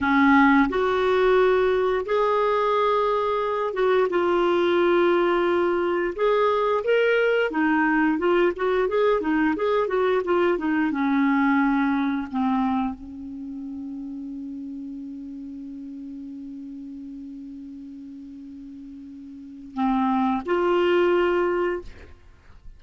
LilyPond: \new Staff \with { instrumentName = "clarinet" } { \time 4/4 \tempo 4 = 88 cis'4 fis'2 gis'4~ | gis'4. fis'8 f'2~ | f'4 gis'4 ais'4 dis'4 | f'8 fis'8 gis'8 dis'8 gis'8 fis'8 f'8 dis'8 |
cis'2 c'4 cis'4~ | cis'1~ | cis'1~ | cis'4 c'4 f'2 | }